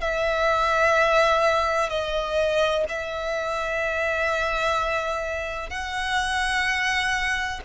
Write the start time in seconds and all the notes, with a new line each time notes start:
0.00 E5
1.89 D#5
2.88 E5
5.69 F#5